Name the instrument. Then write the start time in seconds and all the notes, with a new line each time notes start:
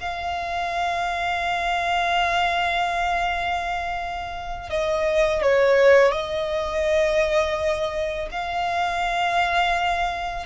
violin
0.00 F5
4.70 D#5
5.42 C#5
6.12 D#5
8.31 F5